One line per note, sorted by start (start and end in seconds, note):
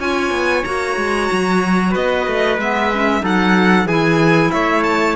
0.00 0.31 C#4
0.00 0.65 F4
0.00 1.91 C#5
0.00 0.65 G#5
0.31 0.64 B3
0.65 0.97 A#3
0.65 2.59 F#4
0.65 1.94 A#5
0.97 1.29 G#3
1.33 1.96 F#3
1.91 2.27 B3
1.91 3.20 B4
1.91 2.60 D#5
2.27 2.58 A3
2.58 3.23 G#3
2.58 2.93 B3
2.58 3.25 E5
2.94 3.21 C#4
3.21 3.86 F#3
3.21 3.86 D#4
3.21 3.87 A4
3.21 3.88 F#5
3.86 4.51 E3
3.86 5.16 E4
3.86 4.52 G#4
3.86 4.52 G#5
4.52 5.16 A3
4.52 5.16 C#5
4.52 4.84 E5
4.84 5.16 A5